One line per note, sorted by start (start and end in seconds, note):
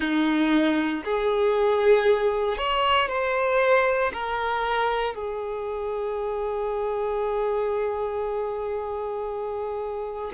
0.00 1.03 D#4
1.04 2.57 G#4
2.57 3.08 C#5
3.08 4.11 C5
4.13 5.14 A#4
5.14 10.32 G#4